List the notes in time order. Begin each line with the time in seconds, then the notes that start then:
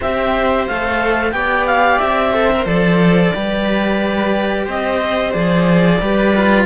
0.00 C4 G4 C5 E5
0.67 A3 A4 F5
1.31 B3 G4 D5 G5
1.66 F5
1.99 C4 E5
2.32 A4 C5
2.53 A#4
2.65 F3 A4 D5
3.33 G3 G4 B4
4.65 C4 C5 D#5
5.32 F3 G#4 D5
6.01 G3 G4 B4
6.35 F4